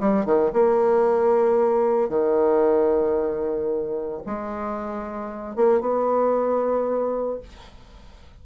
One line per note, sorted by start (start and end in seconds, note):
0.00 0.26 G3
0.26 0.52 D#3
0.53 2.09 A#3
2.09 4.21 D#3
4.26 5.56 G#3
5.56 5.81 A#3
5.81 7.40 B3